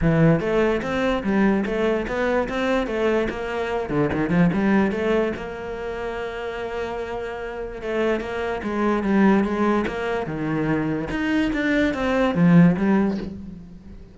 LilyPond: \new Staff \with { instrumentName = "cello" } { \time 4/4 \tempo 4 = 146 e4 a4 c'4 g4 | a4 b4 c'4 a4 | ais4. d8 dis8 f8 g4 | a4 ais2.~ |
ais2. a4 | ais4 gis4 g4 gis4 | ais4 dis2 dis'4 | d'4 c'4 f4 g4 | }